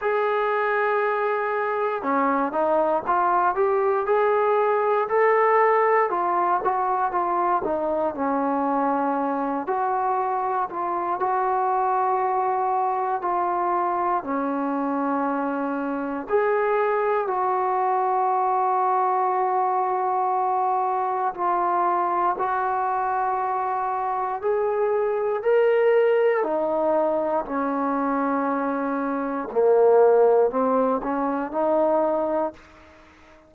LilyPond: \new Staff \with { instrumentName = "trombone" } { \time 4/4 \tempo 4 = 59 gis'2 cis'8 dis'8 f'8 g'8 | gis'4 a'4 f'8 fis'8 f'8 dis'8 | cis'4. fis'4 f'8 fis'4~ | fis'4 f'4 cis'2 |
gis'4 fis'2.~ | fis'4 f'4 fis'2 | gis'4 ais'4 dis'4 cis'4~ | cis'4 ais4 c'8 cis'8 dis'4 | }